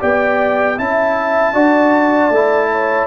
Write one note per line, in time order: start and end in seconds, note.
0.00 0.79 B3
0.00 0.77 G4
0.00 0.77 D5
0.00 0.79 G5
0.78 1.54 C#4
0.78 1.54 E4
0.78 1.54 E5
0.78 3.08 A5
1.54 2.30 D4
1.54 2.31 F#4
1.54 2.70 D5
2.30 3.07 A3
2.30 3.08 E4
2.72 3.08 C#5